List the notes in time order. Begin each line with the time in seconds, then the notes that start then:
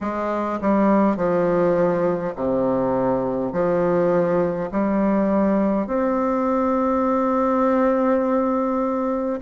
0.01 G#3
0.61 G3
1.16 F3
2.35 C3
3.52 F3
4.71 G3
5.87 C4